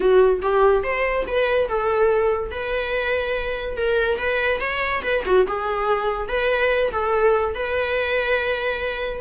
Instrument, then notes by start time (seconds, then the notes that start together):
viola
0.00 F#4
0.42 G4
0.83 C5
1.27 B4
1.68 A4
2.51 B4
3.76 A#4
4.18 B4
4.60 C#5
5.02 B4
5.25 F#4
5.46 G#4
6.28 B4
6.91 A4
7.54 B4